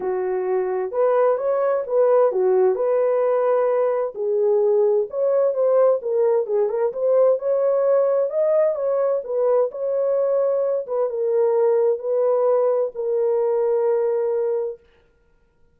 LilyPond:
\new Staff \with { instrumentName = "horn" } { \time 4/4 \tempo 4 = 130 fis'2 b'4 cis''4 | b'4 fis'4 b'2~ | b'4 gis'2 cis''4 | c''4 ais'4 gis'8 ais'8 c''4 |
cis''2 dis''4 cis''4 | b'4 cis''2~ cis''8 b'8 | ais'2 b'2 | ais'1 | }